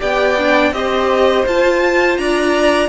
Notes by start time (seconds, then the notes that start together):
0.00 B3 G4 D5 G5
0.39 D4
0.72 C4 G4 C5 D#5
1.46 F4 A5
2.18 D4 D5 A#5